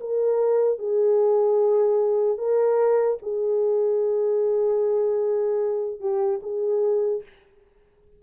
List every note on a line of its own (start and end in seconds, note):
0.00 0.79 A#4
0.79 2.37 G#4
2.37 3.17 A#4
3.22 6.00 G#4
6.00 6.40 G4
6.42 7.22 G#4